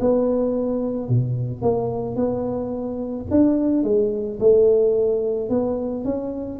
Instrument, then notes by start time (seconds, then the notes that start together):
tuba
0.00 B3
1.09 B2
1.62 A#3
2.16 B3
3.31 D4
3.83 G#3
4.39 A3
5.49 B3
6.04 C#4